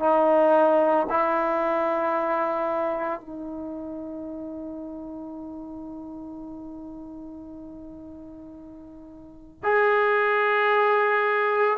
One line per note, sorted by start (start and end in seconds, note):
0.00 1.07 D#4
1.10 3.21 E4
3.21 9.63 D#4
9.63 11.78 G#4